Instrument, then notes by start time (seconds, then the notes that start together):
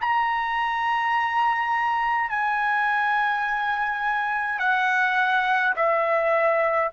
trumpet
0.00 A#5
2.29 G#5
4.59 F#5
5.76 E5